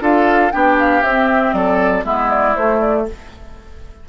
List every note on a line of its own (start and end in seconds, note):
0.00 0.51 D4
0.00 0.51 F4
0.00 0.52 A4
0.00 0.51 F5
0.51 1.02 B3
0.51 1.02 D4
0.51 1.55 G4
0.51 0.77 G5
0.79 1.03 F5
1.02 1.53 C4
1.02 2.04 C4
1.02 1.53 E5
1.53 2.04 F#3
1.53 2.04 A4
1.53 2.03 D5
2.04 2.55 G#3
2.04 2.54 B3
2.04 3.06 E4
2.04 2.30 E5
2.30 2.55 D5
2.55 3.08 A3
2.55 2.80 C5
2.80 3.06 D5